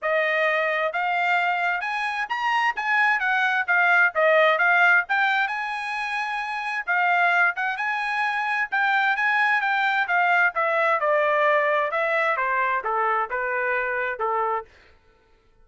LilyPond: \new Staff \with { instrumentName = "trumpet" } { \time 4/4 \tempo 4 = 131 dis''2 f''2 | gis''4 ais''4 gis''4 fis''4 | f''4 dis''4 f''4 g''4 | gis''2. f''4~ |
f''8 fis''8 gis''2 g''4 | gis''4 g''4 f''4 e''4 | d''2 e''4 c''4 | a'4 b'2 a'4 | }